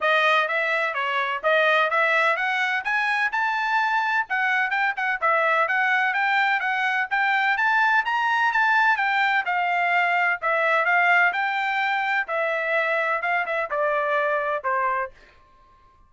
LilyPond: \new Staff \with { instrumentName = "trumpet" } { \time 4/4 \tempo 4 = 127 dis''4 e''4 cis''4 dis''4 | e''4 fis''4 gis''4 a''4~ | a''4 fis''4 g''8 fis''8 e''4 | fis''4 g''4 fis''4 g''4 |
a''4 ais''4 a''4 g''4 | f''2 e''4 f''4 | g''2 e''2 | f''8 e''8 d''2 c''4 | }